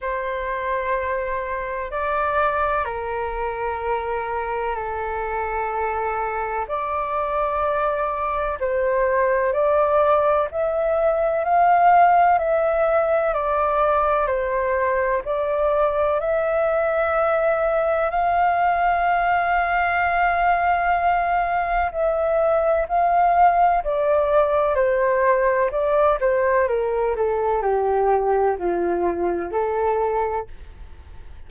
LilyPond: \new Staff \with { instrumentName = "flute" } { \time 4/4 \tempo 4 = 63 c''2 d''4 ais'4~ | ais'4 a'2 d''4~ | d''4 c''4 d''4 e''4 | f''4 e''4 d''4 c''4 |
d''4 e''2 f''4~ | f''2. e''4 | f''4 d''4 c''4 d''8 c''8 | ais'8 a'8 g'4 f'4 a'4 | }